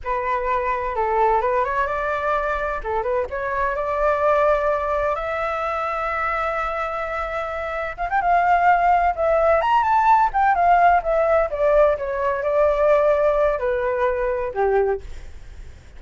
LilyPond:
\new Staff \with { instrumentName = "flute" } { \time 4/4 \tempo 4 = 128 b'2 a'4 b'8 cis''8 | d''2 a'8 b'8 cis''4 | d''2. e''4~ | e''1~ |
e''4 f''16 g''16 f''2 e''8~ | e''8 ais''8 a''4 g''8 f''4 e''8~ | e''8 d''4 cis''4 d''4.~ | d''4 b'2 g'4 | }